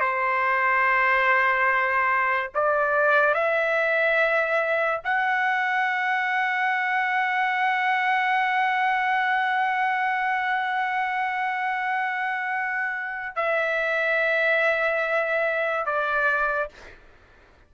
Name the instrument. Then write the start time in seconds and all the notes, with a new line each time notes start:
trumpet
0.00 C5
2.54 D5
3.34 E5
5.04 F#5
13.36 E5
15.86 D5